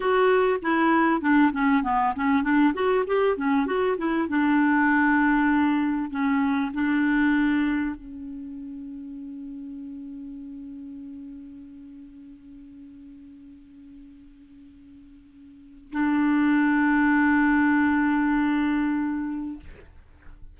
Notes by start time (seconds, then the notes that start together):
0.00 F#4
0.62 E4
1.21 D4
1.52 C#4
1.83 B3
2.15 C#4
2.43 D4
2.74 F#4
3.06 G4
3.36 C#4
3.66 F#4
3.97 E4
4.28 D4
6.10 C#4
6.73 D4
7.95 C#4
15.92 D4